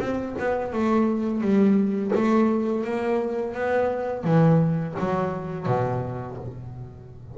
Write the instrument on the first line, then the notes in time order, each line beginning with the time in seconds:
double bass
0.00 C4
0.39 B3
0.73 A3
1.41 G3
2.15 A3
2.84 A#3
3.54 B3
4.24 E3
4.99 F#3
5.66 B2